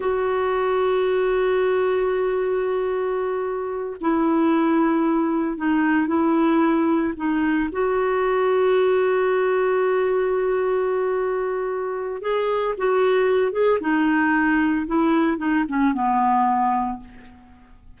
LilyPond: \new Staff \with { instrumentName = "clarinet" } { \time 4/4 \tempo 4 = 113 fis'1~ | fis'2.~ fis'8 e'8~ | e'2~ e'8 dis'4 e'8~ | e'4. dis'4 fis'4.~ |
fis'1~ | fis'2. gis'4 | fis'4. gis'8 dis'2 | e'4 dis'8 cis'8 b2 | }